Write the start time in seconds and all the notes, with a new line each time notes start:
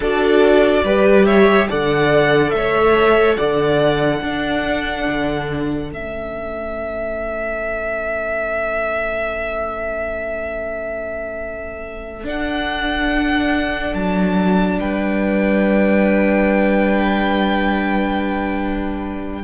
0.00 D4 F#4 A4 D5
0.83 G3 G4 B4
1.25 C#5 E5
1.69 D3 A4 D5 F#5
2.50 A3 E5
2.56 C#5
3.36 D3 D5 F#5
4.19 D4 A4
5.08 D3
5.91 A3 C#4 E5
12.23 D4 F#5
13.94 F#3 A5
14.79 G3 B4 G5